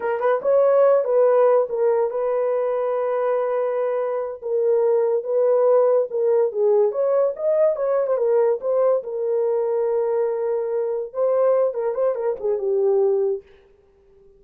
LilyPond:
\new Staff \with { instrumentName = "horn" } { \time 4/4 \tempo 4 = 143 ais'8 b'8 cis''4. b'4. | ais'4 b'2.~ | b'2~ b'8 ais'4.~ | ais'8 b'2 ais'4 gis'8~ |
gis'8 cis''4 dis''4 cis''8. c''16 ais'8~ | ais'8 c''4 ais'2~ ais'8~ | ais'2~ ais'8 c''4. | ais'8 c''8 ais'8 gis'8 g'2 | }